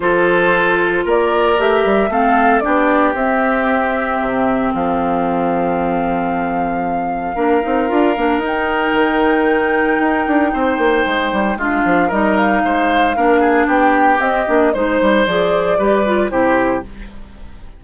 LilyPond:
<<
  \new Staff \with { instrumentName = "flute" } { \time 4/4 \tempo 4 = 114 c''2 d''4 e''4 | f''4 d''4 e''2~ | e''4 f''2.~ | f''1 |
g''1~ | g''2 f''4 dis''8 f''8~ | f''2 g''4 dis''4 | c''4 d''2 c''4 | }
  \new Staff \with { instrumentName = "oboe" } { \time 4/4 a'2 ais'2 | a'4 g'2.~ | g'4 a'2.~ | a'2 ais'2~ |
ais'1 | c''2 f'4 ais'4 | c''4 ais'8 gis'8 g'2 | c''2 b'4 g'4 | }
  \new Staff \with { instrumentName = "clarinet" } { \time 4/4 f'2. g'4 | c'4 d'4 c'2~ | c'1~ | c'2 d'8 dis'8 f'8 d'8 |
dis'1~ | dis'2 d'4 dis'4~ | dis'4 d'2 c'8 d'8 | dis'4 gis'4 g'8 f'8 e'4 | }
  \new Staff \with { instrumentName = "bassoon" } { \time 4/4 f2 ais4 a8 g8 | a4 b4 c'2 | c4 f2.~ | f2 ais8 c'8 d'8 ais8 |
dis'4 dis2 dis'8 d'8 | c'8 ais8 gis8 g8 gis8 f8 g4 | gis4 ais4 b4 c'8 ais8 | gis8 g8 f4 g4 c4 | }
>>